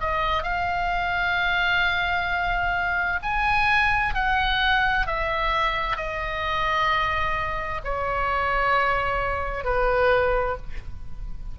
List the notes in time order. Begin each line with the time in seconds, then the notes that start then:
0.00 D#5
0.43 F5
3.22 G#5
4.14 F#5
5.06 E5
5.96 D#5
7.84 C#5
9.64 B4